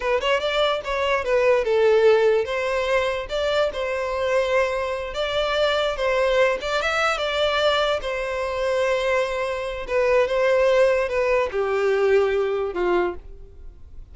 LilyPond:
\new Staff \with { instrumentName = "violin" } { \time 4/4 \tempo 4 = 146 b'8 cis''8 d''4 cis''4 b'4 | a'2 c''2 | d''4 c''2.~ | c''8 d''2 c''4. |
d''8 e''4 d''2 c''8~ | c''1 | b'4 c''2 b'4 | g'2. f'4 | }